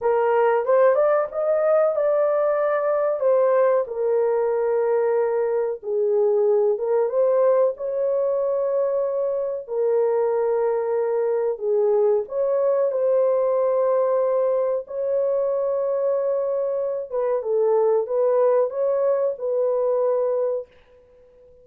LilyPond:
\new Staff \with { instrumentName = "horn" } { \time 4/4 \tempo 4 = 93 ais'4 c''8 d''8 dis''4 d''4~ | d''4 c''4 ais'2~ | ais'4 gis'4. ais'8 c''4 | cis''2. ais'4~ |
ais'2 gis'4 cis''4 | c''2. cis''4~ | cis''2~ cis''8 b'8 a'4 | b'4 cis''4 b'2 | }